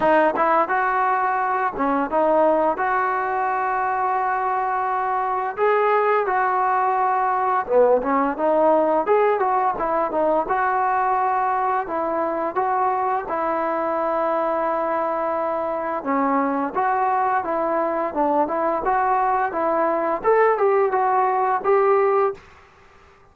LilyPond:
\new Staff \with { instrumentName = "trombone" } { \time 4/4 \tempo 4 = 86 dis'8 e'8 fis'4. cis'8 dis'4 | fis'1 | gis'4 fis'2 b8 cis'8 | dis'4 gis'8 fis'8 e'8 dis'8 fis'4~ |
fis'4 e'4 fis'4 e'4~ | e'2. cis'4 | fis'4 e'4 d'8 e'8 fis'4 | e'4 a'8 g'8 fis'4 g'4 | }